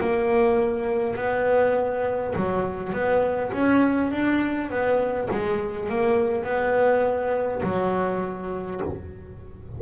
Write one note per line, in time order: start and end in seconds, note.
0.00 1.16 A#3
1.16 2.34 B3
2.35 2.93 F#3
2.93 3.51 B3
3.52 4.11 C#4
4.11 4.70 D4
4.70 5.28 B3
5.30 5.89 G#3
5.89 6.43 A#3
6.43 7.61 B3
7.63 8.80 F#3